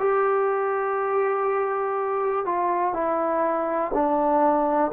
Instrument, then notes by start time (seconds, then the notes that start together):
trombone
0.00 G4
2.46 F4
2.94 E4
3.94 D4